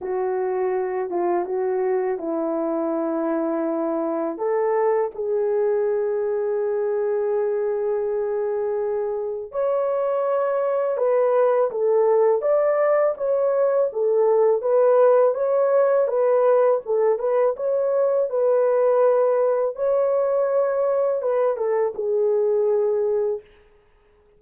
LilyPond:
\new Staff \with { instrumentName = "horn" } { \time 4/4 \tempo 4 = 82 fis'4. f'8 fis'4 e'4~ | e'2 a'4 gis'4~ | gis'1~ | gis'4 cis''2 b'4 |
a'4 d''4 cis''4 a'4 | b'4 cis''4 b'4 a'8 b'8 | cis''4 b'2 cis''4~ | cis''4 b'8 a'8 gis'2 | }